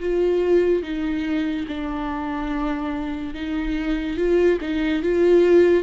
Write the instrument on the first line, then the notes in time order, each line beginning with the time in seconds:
viola
0.00 F4
0.83 D#4
1.68 D4
3.34 D#4
4.17 F4
4.61 D#4
5.03 F4